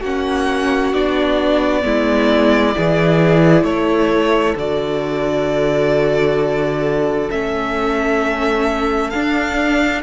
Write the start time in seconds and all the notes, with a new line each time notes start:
0.00 A#3 C#4 F#4 F#5
0.93 B3 D4 D5
1.82 G#3 B3 E4
2.74 E3 E4 G#4
3.63 A3 A4 C#5
4.56 D3 F#4 D5
7.30 A3 C#4 E5
9.10 D4 F5